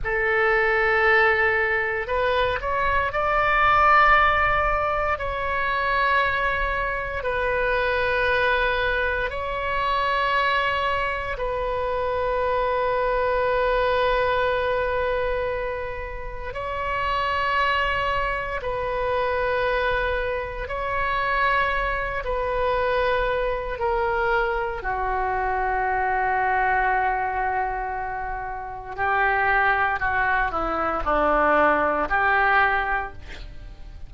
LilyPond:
\new Staff \with { instrumentName = "oboe" } { \time 4/4 \tempo 4 = 58 a'2 b'8 cis''8 d''4~ | d''4 cis''2 b'4~ | b'4 cis''2 b'4~ | b'1 |
cis''2 b'2 | cis''4. b'4. ais'4 | fis'1 | g'4 fis'8 e'8 d'4 g'4 | }